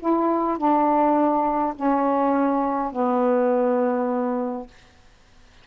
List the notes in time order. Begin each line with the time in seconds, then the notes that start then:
0.00 E4
0.58 D4
1.76 C#4
2.93 B3